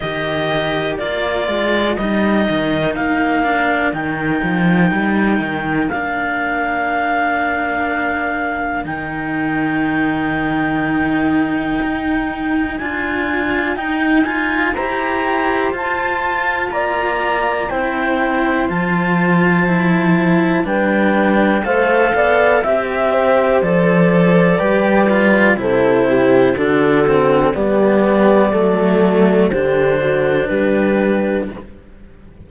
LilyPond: <<
  \new Staff \with { instrumentName = "clarinet" } { \time 4/4 \tempo 4 = 61 dis''4 d''4 dis''4 f''4 | g''2 f''2~ | f''4 g''2.~ | g''4 gis''4 g''8 gis''8 ais''4 |
a''4 ais''4 g''4 a''4~ | a''4 g''4 f''4 e''4 | d''2 c''4 a'4 | d''2 c''4 b'4 | }
  \new Staff \with { instrumentName = "horn" } { \time 4/4 ais'1~ | ais'1~ | ais'1~ | ais'2. c''4~ |
c''4 d''4 c''2~ | c''4 b'4 c''8 d''8 e''8 c''8~ | c''4 b'4 a'8 g'8 fis'4 | g'4 a'4 g'8 fis'8 g'4 | }
  \new Staff \with { instrumentName = "cello" } { \time 4/4 g'4 f'4 dis'4. d'8 | dis'2 d'2~ | d'4 dis'2.~ | dis'4 f'4 dis'8 f'8 g'4 |
f'2 e'4 f'4 | e'4 d'4 a'4 g'4 | a'4 g'8 f'8 e'4 d'8 c'8 | b4 a4 d'2 | }
  \new Staff \with { instrumentName = "cello" } { \time 4/4 dis4 ais8 gis8 g8 dis8 ais4 | dis8 f8 g8 dis8 ais2~ | ais4 dis2. | dis'4 d'4 dis'4 e'4 |
f'4 ais4 c'4 f4~ | f4 g4 a8 b8 c'4 | f4 g4 c4 d4 | g4 fis4 d4 g4 | }
>>